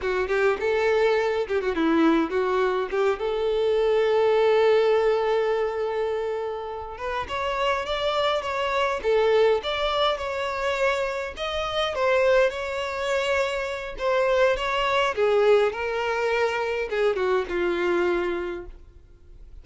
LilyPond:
\new Staff \with { instrumentName = "violin" } { \time 4/4 \tempo 4 = 103 fis'8 g'8 a'4. g'16 fis'16 e'4 | fis'4 g'8 a'2~ a'8~ | a'1 | b'8 cis''4 d''4 cis''4 a'8~ |
a'8 d''4 cis''2 dis''8~ | dis''8 c''4 cis''2~ cis''8 | c''4 cis''4 gis'4 ais'4~ | ais'4 gis'8 fis'8 f'2 | }